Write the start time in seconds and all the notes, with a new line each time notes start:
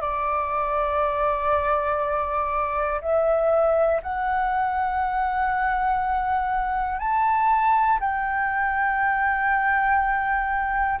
0.00 D5
3.01 E5
4.02 F#5
6.99 A5
8.00 G5